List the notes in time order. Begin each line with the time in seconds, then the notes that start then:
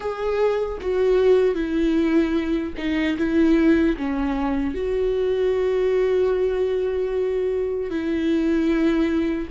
0.00 G#4
0.81 F#4
1.54 E4
2.77 D#4
3.17 E4
3.97 C#4
4.74 F#4
7.90 E4